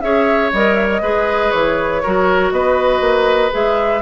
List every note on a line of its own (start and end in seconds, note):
0.00 0.52 C#4
0.00 0.52 G#4
0.00 1.02 C#5
0.00 0.50 E5
0.52 1.02 G3
0.52 1.02 A#4
0.52 0.74 D#5
0.74 0.87 E5
0.91 1.51 D#5
1.02 1.52 G#3
1.02 2.02 G#4
1.02 2.02 B4
1.51 2.03 E3
1.51 2.51 C#5
2.03 2.52 F#3
2.03 3.51 F#4
2.03 2.53 A#4
2.51 3.00 B3
2.51 4.02 B4
2.51 3.51 D#5
3.00 3.50 A#3
3.51 4.02 G#3
3.51 4.01 G#4
3.51 4.02 E5